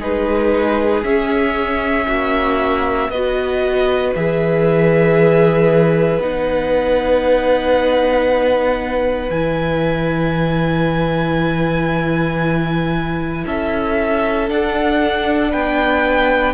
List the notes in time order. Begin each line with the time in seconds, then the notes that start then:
0.00 G#3 D#4 G#4 B4
1.03 C#4 E5
2.07 A#3 F#4
3.09 B3 F#4 B4 D#5
4.15 E3 G#4 E5
6.19 B3 D#4 F#5
9.31 E3 E4 G#5
13.45 C#4 A4 E5
14.48 D4 F#5
15.52 B3 B4 G5